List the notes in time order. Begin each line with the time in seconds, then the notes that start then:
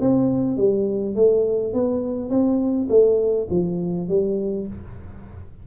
0.00 C4
0.57 G3
1.15 A3
1.73 B3
2.29 C4
2.89 A3
3.50 F3
4.08 G3